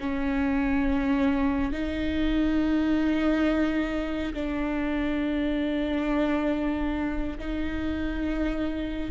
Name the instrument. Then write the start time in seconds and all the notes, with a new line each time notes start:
viola
0.00 C#4
1.72 D#4
4.34 D4
7.39 D#4